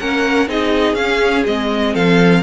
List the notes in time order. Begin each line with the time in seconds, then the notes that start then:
0.00 A#3 C#4 A#4 F#5
0.48 C4 D#4 G#4 D#5
0.95 C#4 F5
1.47 G#3 C4 D#5
1.93 F3 A4 F5